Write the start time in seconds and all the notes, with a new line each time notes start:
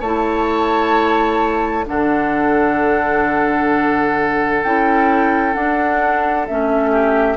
0.00 A3 E4 C#5 A5
1.85 D3 D4 A4 F#5
4.62 C#4 E4 G5
5.53 D4 F#5
6.47 A3 C#4 E5
6.91 G4